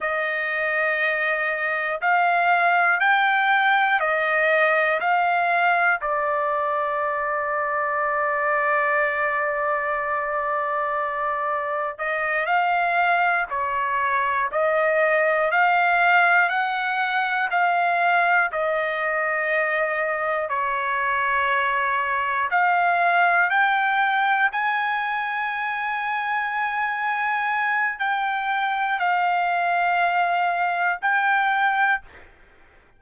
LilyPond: \new Staff \with { instrumentName = "trumpet" } { \time 4/4 \tempo 4 = 60 dis''2 f''4 g''4 | dis''4 f''4 d''2~ | d''1 | dis''8 f''4 cis''4 dis''4 f''8~ |
f''8 fis''4 f''4 dis''4.~ | dis''8 cis''2 f''4 g''8~ | g''8 gis''2.~ gis''8 | g''4 f''2 g''4 | }